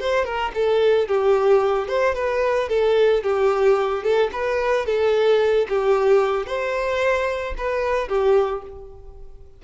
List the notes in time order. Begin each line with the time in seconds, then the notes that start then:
0.00 C5
0.25 A#4
0.54 A4
1.08 G4
1.88 C5
2.15 B4
2.69 A4
3.23 G4
4.03 A4
4.33 B4
4.86 A4
5.69 G4
6.46 C5
7.57 B4
8.08 G4